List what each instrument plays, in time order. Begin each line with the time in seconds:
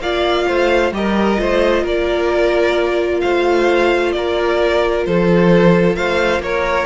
0.00 cello A#3, viola F4, violin D5 F5
0.47 cello A3, violin C5
0.92 cello G3, viola G4, violin A#4 D#5
1.37 cello A3, viola F4, violin C5
1.83 cello A#3, violin A#4 D5
3.21 cello A3, violin C5 F5
4.13 cello A#3, violin A#4 D5
5.06 cello F3, violin A4 C5
5.95 cello A3, violin C5 F5
6.39 cello A#3, violin C#5
6.45 violin A#4